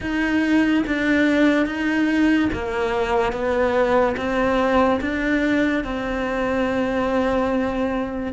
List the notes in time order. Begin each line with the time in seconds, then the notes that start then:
0.00 D#4
0.86 D4
1.66 D#4
2.52 A#3
3.32 B3
4.16 C4
5.00 D4
5.83 C4